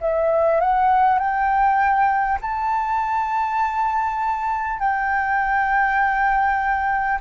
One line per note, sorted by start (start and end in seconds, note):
0.00 0.60 E5
0.60 1.18 F#5
1.18 2.38 G5
2.41 4.79 A5
4.79 7.19 G5